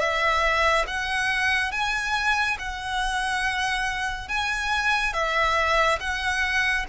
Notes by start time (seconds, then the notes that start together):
0.00 E5
0.87 F#5
1.72 G#5
2.59 F#5
4.29 G#5
5.14 E5
6.00 F#5